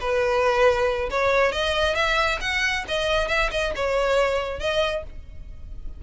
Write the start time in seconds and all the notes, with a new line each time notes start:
0.00 B4
1.10 C#5
1.52 D#5
1.95 E5
2.41 F#5
2.88 D#5
3.28 E5
3.51 D#5
3.75 C#5
4.59 D#5